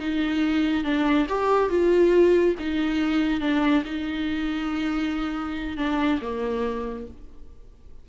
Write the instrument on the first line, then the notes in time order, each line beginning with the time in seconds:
viola
0.00 D#4
0.84 D4
1.29 G4
1.70 F4
2.59 D#4
3.41 D4
3.85 D#4
5.77 D4
6.22 A#3